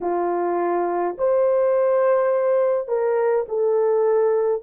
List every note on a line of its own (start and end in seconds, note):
0.01 1.16 F4
1.18 2.87 C5
2.87 3.45 A#4
3.48 4.62 A4